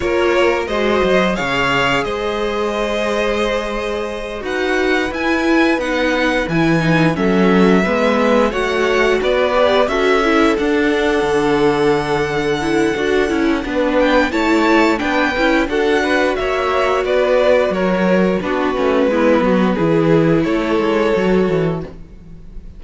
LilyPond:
<<
  \new Staff \with { instrumentName = "violin" } { \time 4/4 \tempo 4 = 88 cis''4 dis''4 f''4 dis''4~ | dis''2~ dis''8 fis''4 gis''8~ | gis''8 fis''4 gis''4 e''4.~ | e''8 fis''4 d''4 e''4 fis''8~ |
fis''1~ | fis''8 g''8 a''4 g''4 fis''4 | e''4 d''4 cis''4 b'4~ | b'2 cis''2 | }
  \new Staff \with { instrumentName = "violin" } { \time 4/4 ais'4 c''4 cis''4 c''4~ | c''2~ c''8 b'4.~ | b'2~ b'8 a'4 b'8~ | b'8 cis''4 b'4 a'4.~ |
a'1 | b'4 cis''4 b'4 a'8 b'8 | cis''4 b'4 ais'4 fis'4 | e'8 fis'8 gis'4 a'2 | }
  \new Staff \with { instrumentName = "viola" } { \time 4/4 f'4 fis'4 gis'2~ | gis'2~ gis'8 fis'4 e'8~ | e'8 dis'4 e'8 dis'8 cis'4 b8~ | b8 fis'4. g'8 fis'8 e'8 d'8~ |
d'2~ d'8 e'8 fis'8 e'8 | d'4 e'4 d'8 e'8 fis'4~ | fis'2. d'8 cis'8 | b4 e'2 fis'4 | }
  \new Staff \with { instrumentName = "cello" } { \time 4/4 ais4 gis8 fis8 cis4 gis4~ | gis2~ gis8 dis'4 e'8~ | e'8 b4 e4 fis4 gis8~ | gis8 a4 b4 cis'4 d'8~ |
d'8 d2~ d8 d'8 cis'8 | b4 a4 b8 cis'8 d'4 | ais4 b4 fis4 b8 a8 | gis8 fis8 e4 a8 gis8 fis8 e8 | }
>>